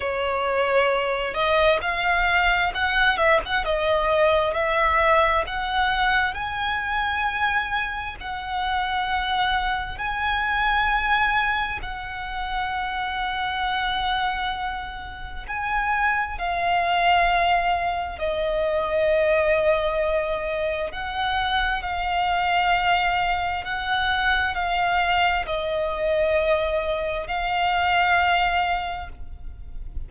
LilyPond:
\new Staff \with { instrumentName = "violin" } { \time 4/4 \tempo 4 = 66 cis''4. dis''8 f''4 fis''8 e''16 fis''16 | dis''4 e''4 fis''4 gis''4~ | gis''4 fis''2 gis''4~ | gis''4 fis''2.~ |
fis''4 gis''4 f''2 | dis''2. fis''4 | f''2 fis''4 f''4 | dis''2 f''2 | }